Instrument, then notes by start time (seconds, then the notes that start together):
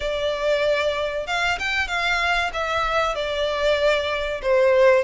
violin
0.00 D5
1.26 F5
1.59 G5
1.87 F5
2.53 E5
3.15 D5
4.42 C5